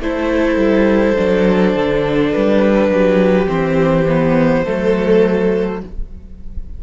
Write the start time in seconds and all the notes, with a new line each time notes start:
0.00 A3 E4 A4 C5
0.56 G3
1.16 F#3 D4
1.75 D3
2.32 G3 B4
2.88 F#3 G4
3.47 E3 C4 C5
4.08 B3
4.64 F#3 A3 A4